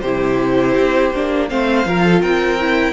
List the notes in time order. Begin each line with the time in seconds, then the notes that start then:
0.00 C3 E4 G4 C5
0.75 C4
1.14 A#3 D4
1.49 A3 C4 C5 F5
1.85 F3 F4 A#4
2.05 A4
2.20 C4 A#4 G5
2.60 E4